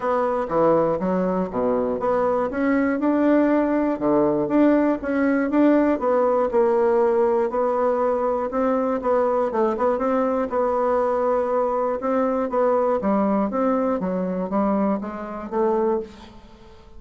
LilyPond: \new Staff \with { instrumentName = "bassoon" } { \time 4/4 \tempo 4 = 120 b4 e4 fis4 b,4 | b4 cis'4 d'2 | d4 d'4 cis'4 d'4 | b4 ais2 b4~ |
b4 c'4 b4 a8 b8 | c'4 b2. | c'4 b4 g4 c'4 | fis4 g4 gis4 a4 | }